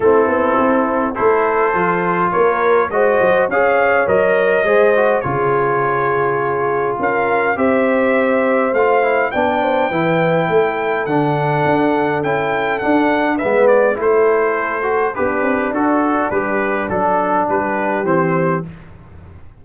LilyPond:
<<
  \new Staff \with { instrumentName = "trumpet" } { \time 4/4 \tempo 4 = 103 a'2 c''2 | cis''4 dis''4 f''4 dis''4~ | dis''4 cis''2. | f''4 e''2 f''4 |
g''2. fis''4~ | fis''4 g''4 fis''4 e''8 d''8 | c''2 b'4 a'4 | b'4 a'4 b'4 c''4 | }
  \new Staff \with { instrumentName = "horn" } { \time 4/4 e'2 a'2 | ais'4 c''4 cis''2 | c''4 gis'2. | ais'4 c''2. |
d''8 c''8 b'4 a'2~ | a'2. b'4 | a'2 d'2~ | d'2 g'2 | }
  \new Staff \with { instrumentName = "trombone" } { \time 4/4 c'2 e'4 f'4~ | f'4 fis'4 gis'4 ais'4 | gis'8 fis'8 f'2.~ | f'4 g'2 f'8 e'8 |
d'4 e'2 d'4~ | d'4 e'4 d'4 b4 | e'4. fis'8 g'4 fis'4 | g'4 d'2 c'4 | }
  \new Staff \with { instrumentName = "tuba" } { \time 4/4 a8 b8 c'4 a4 f4 | ais4 gis8 fis8 cis'4 fis4 | gis4 cis2. | cis'4 c'2 a4 |
b4 e4 a4 d4 | d'4 cis'4 d'4 gis4 | a2 b8 c'8 d'4 | g4 fis4 g4 e4 | }
>>